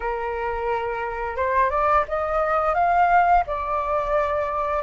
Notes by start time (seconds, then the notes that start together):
0.00 A#4
1.36 C5
1.70 D5
2.08 D#5
2.74 F5
3.46 D5